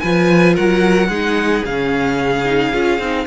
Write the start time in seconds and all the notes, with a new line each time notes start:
0.00 F3 F4 B4 G#5
0.54 F#3 A#4 F#5
1.09 G#3 D#4 G#4
1.65 C#3 C#4 F5
2.45 D#4
2.73 C#4 F4
2.99 C4 D#4